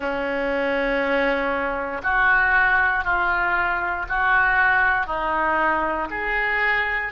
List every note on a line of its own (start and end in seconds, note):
0.00 2.01 C#4
2.03 3.04 F#4
3.04 4.05 F4
4.09 5.06 F#4
5.06 6.07 D#4
6.10 7.12 G#4